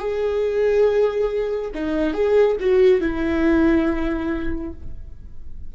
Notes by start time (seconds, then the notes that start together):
0.00 G#4
1.75 D#4
2.14 G#4
2.60 F#4
3.02 E4